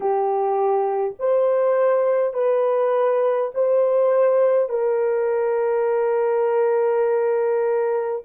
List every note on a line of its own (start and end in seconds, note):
0.00 1.14 G4
1.19 2.33 C5
2.33 3.51 B4
3.54 4.68 C5
4.68 8.21 A#4